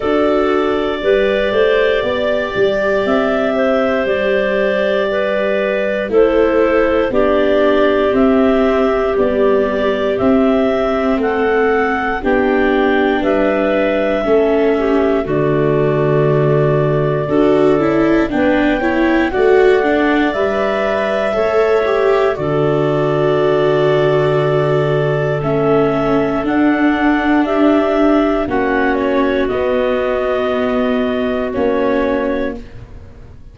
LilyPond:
<<
  \new Staff \with { instrumentName = "clarinet" } { \time 4/4 \tempo 4 = 59 d''2. e''4 | d''2 c''4 d''4 | e''4 d''4 e''4 fis''4 | g''4 e''2 d''4~ |
d''2 g''4 fis''4 | e''2 d''2~ | d''4 e''4 fis''4 e''4 | fis''8 cis''8 dis''2 cis''4 | }
  \new Staff \with { instrumentName = "clarinet" } { \time 4/4 a'4 b'8 c''8 d''4. c''8~ | c''4 b'4 a'4 g'4~ | g'2. a'4 | g'4 b'4 a'8 g'8 fis'4~ |
fis'4 a'4 b'8 cis''8 d''4~ | d''4 cis''4 a'2~ | a'2. g'4 | fis'1 | }
  \new Staff \with { instrumentName = "viola" } { \time 4/4 fis'4 g'2.~ | g'2 e'4 d'4 | c'4 g4 c'2 | d'2 cis'4 a4~ |
a4 fis'8 e'8 d'8 e'8 fis'8 d'8 | b'4 a'8 g'8 fis'2~ | fis'4 cis'4 d'2 | cis'4 b2 cis'4 | }
  \new Staff \with { instrumentName = "tuba" } { \time 4/4 d'4 g8 a8 b8 g8 c'4 | g2 a4 b4 | c'4 b4 c'4 a4 | b4 g4 a4 d4~ |
d4 d'8 cis'8 b4 a4 | g4 a4 d2~ | d4 a4 d'2 | ais4 b2 ais4 | }
>>